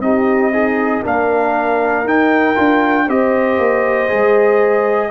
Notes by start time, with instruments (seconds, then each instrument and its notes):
0.00 tuba C4, trombone D#4, horn G4, trumpet D#5
0.52 horn D#4, trombone G#4
1.02 tuba A#3, trombone D4, horn A#4, trumpet F5
2.04 tuba D#4, trombone D#4, trumpet G5
2.56 tuba D4, trombone F4
3.07 tuba C4, trombone G4, horn C5, trumpet D#5
3.58 tuba A#3
4.08 tuba G#3, trombone G#4